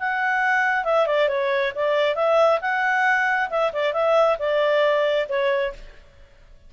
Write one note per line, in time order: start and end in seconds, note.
0.00 0.84 F#5
0.84 1.06 E5
1.07 1.29 D5
1.29 1.73 C#5
1.75 2.15 D5
2.15 2.59 E5
2.61 3.50 F#5
3.50 3.72 E5
3.73 3.93 D5
3.93 4.37 E5
4.39 5.27 D5
5.29 5.73 C#5